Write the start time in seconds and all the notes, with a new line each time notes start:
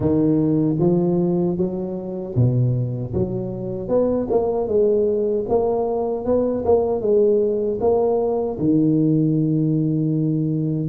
0.00 D#3
0.79 F3
1.57 F#3
2.35 B2
3.13 F#3
3.88 B3
4.30 A#3
4.67 G#3
5.48 A#3
6.25 B3
6.64 A#3
7.01 G#3
7.80 A#3
8.59 D#3